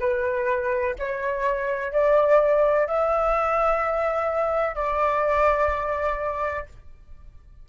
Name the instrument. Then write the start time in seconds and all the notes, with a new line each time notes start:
flute
0.00 B4
0.99 C#5
1.92 D5
2.87 E5
4.75 D5